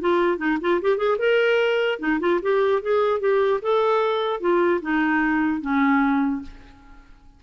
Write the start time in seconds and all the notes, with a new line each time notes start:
0.00 F4
0.38 D#4
0.61 F4
0.81 G4
0.97 G#4
1.18 A#4
1.99 D#4
2.20 F4
2.42 G4
2.82 G#4
3.20 G4
3.62 A4
4.40 F4
4.81 D#4
5.61 C#4